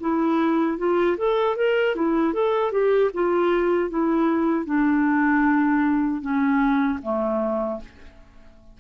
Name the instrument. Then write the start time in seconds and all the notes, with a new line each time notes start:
clarinet
0.00 E4
0.78 F4
1.17 A4
1.56 A#4
1.95 E4
2.33 A4
2.72 G4
3.14 F4
3.90 E4
4.65 D4
6.21 C#4
7.02 A3